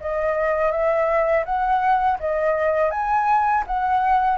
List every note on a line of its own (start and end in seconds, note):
0.00 0.71 D#5
0.71 1.44 E5
1.45 2.19 F#5
2.20 2.91 D#5
2.91 3.64 G#5
3.67 4.37 F#5